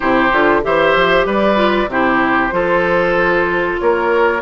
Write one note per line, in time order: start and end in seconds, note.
0.00 0.32 C3
0.00 0.31 E4
0.00 0.61 G4
0.00 0.62 C5
0.32 0.63 D3
0.32 0.62 F4
0.62 0.95 E3
0.62 1.55 G4
0.62 1.26 C5
0.62 1.27 E5
0.95 1.25 F3
1.25 1.87 G3
1.25 1.89 B4
1.25 1.91 D5
1.55 1.87 F4
1.87 2.50 C3
1.87 2.51 E4
1.87 2.54 G4
1.87 3.79 C5
2.51 3.78 F3
2.51 4.40 F4
2.51 3.80 A4
3.79 4.41 A#3
3.79 4.41 A#4
3.79 4.41 C#5